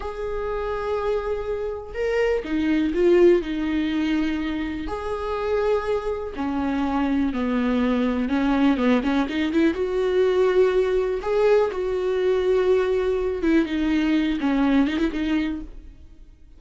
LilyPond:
\new Staff \with { instrumentName = "viola" } { \time 4/4 \tempo 4 = 123 gis'1 | ais'4 dis'4 f'4 dis'4~ | dis'2 gis'2~ | gis'4 cis'2 b4~ |
b4 cis'4 b8 cis'8 dis'8 e'8 | fis'2. gis'4 | fis'2.~ fis'8 e'8 | dis'4. cis'4 dis'16 e'16 dis'4 | }